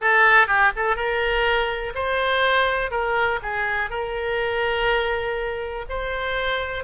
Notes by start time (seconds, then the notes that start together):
0.01 A4
0.47 G4
0.75 A4
0.95 A#4
1.94 C5
2.90 A#4
3.42 G#4
3.90 A#4
5.89 C5